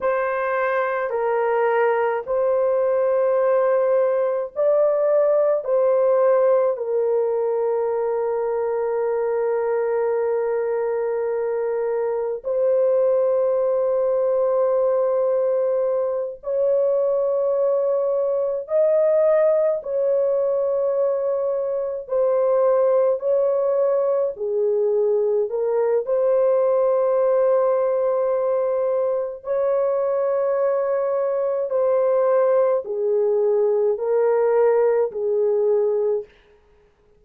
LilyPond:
\new Staff \with { instrumentName = "horn" } { \time 4/4 \tempo 4 = 53 c''4 ais'4 c''2 | d''4 c''4 ais'2~ | ais'2. c''4~ | c''2~ c''8 cis''4.~ |
cis''8 dis''4 cis''2 c''8~ | c''8 cis''4 gis'4 ais'8 c''4~ | c''2 cis''2 | c''4 gis'4 ais'4 gis'4 | }